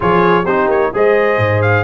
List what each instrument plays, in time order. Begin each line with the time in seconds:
0.00 tuba F3, trombone F4, horn G#4, trumpet C#5
0.43 tuba C4, trombone D#4, horn G4, trumpet C5
0.67 tuba A#3, trumpet C#5
0.93 tuba G#3, trombone G#4, horn C5, trumpet D#5
1.37 tuba G#2
1.62 trumpet F5